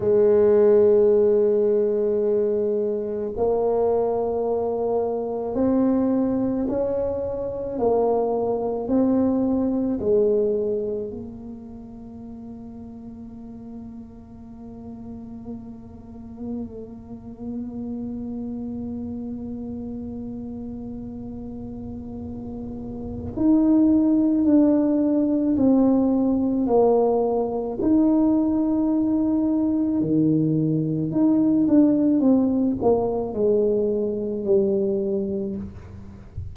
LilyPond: \new Staff \with { instrumentName = "tuba" } { \time 4/4 \tempo 4 = 54 gis2. ais4~ | ais4 c'4 cis'4 ais4 | c'4 gis4 ais2~ | ais1~ |
ais1~ | ais4 dis'4 d'4 c'4 | ais4 dis'2 dis4 | dis'8 d'8 c'8 ais8 gis4 g4 | }